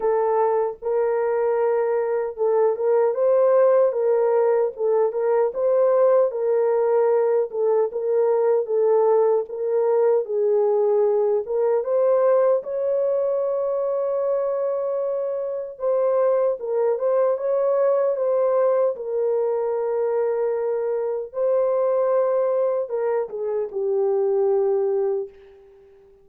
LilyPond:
\new Staff \with { instrumentName = "horn" } { \time 4/4 \tempo 4 = 76 a'4 ais'2 a'8 ais'8 | c''4 ais'4 a'8 ais'8 c''4 | ais'4. a'8 ais'4 a'4 | ais'4 gis'4. ais'8 c''4 |
cis''1 | c''4 ais'8 c''8 cis''4 c''4 | ais'2. c''4~ | c''4 ais'8 gis'8 g'2 | }